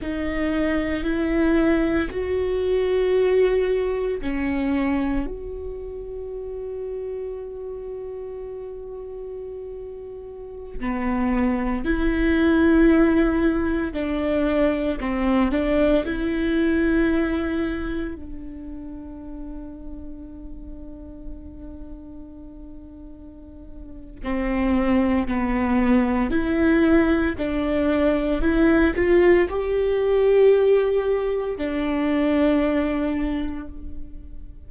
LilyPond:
\new Staff \with { instrumentName = "viola" } { \time 4/4 \tempo 4 = 57 dis'4 e'4 fis'2 | cis'4 fis'2.~ | fis'2~ fis'16 b4 e'8.~ | e'4~ e'16 d'4 c'8 d'8 e'8.~ |
e'4~ e'16 d'2~ d'8.~ | d'2. c'4 | b4 e'4 d'4 e'8 f'8 | g'2 d'2 | }